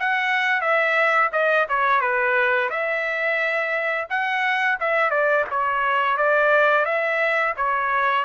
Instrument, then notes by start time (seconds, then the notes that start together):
trumpet
0.00 F#5
0.61 E5
1.33 D#5
1.69 C#5
2.01 B4
2.70 E5
4.10 F#5
4.80 E5
5.11 D5
5.50 C#5
6.18 D5
6.86 E5
7.57 C#5